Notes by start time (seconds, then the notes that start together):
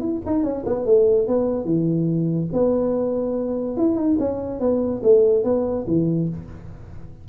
0.00 E4
0.26 D#4
0.43 C#4
0.66 B3
0.86 A3
1.28 B3
1.65 E3
2.53 B3
3.77 E4
3.96 D#4
4.19 C#4
4.60 B3
5.03 A3
5.44 B3
5.87 E3